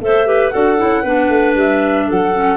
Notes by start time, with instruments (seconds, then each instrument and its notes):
0.00 tuba A3, clarinet A4 C5, flute E5
0.25 clarinet G4 B4
0.49 tuba D4, clarinet F#4 A4, flute F#5
0.77 tuba C#4, clarinet E4
1.02 tuba B3, clarinet D4 B4
1.29 tuba A3
1.55 tuba G3, flute E5
2.07 tuba F#3, clarinet A4, flute F#5
2.34 clarinet C#4